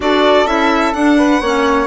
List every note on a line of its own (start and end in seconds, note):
0.00 0.45 D4
0.00 0.46 F#4
0.00 1.17 A4
0.00 0.46 D5
0.45 0.92 C#4
0.45 0.93 E4
0.45 0.93 E5
0.93 1.41 D4
0.93 1.42 D4
0.93 1.87 F#5
1.17 1.41 B4
1.41 1.87 A#3
1.41 1.87 C#4
1.41 1.87 C#5